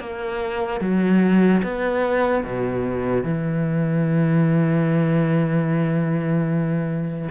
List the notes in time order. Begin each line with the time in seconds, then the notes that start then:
0.00 A#3
0.81 F#3
1.63 B3
2.44 B2
3.24 E3